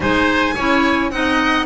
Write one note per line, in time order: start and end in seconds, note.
0.00 0.53 G#3
0.00 0.55 D#4
0.00 0.54 C5
0.00 1.10 G#5
0.54 1.11 C#4
0.54 1.12 E4
0.54 1.10 C#5
1.10 1.65 C4
1.10 1.65 D#4
1.10 1.65 D#5
1.10 1.65 F#5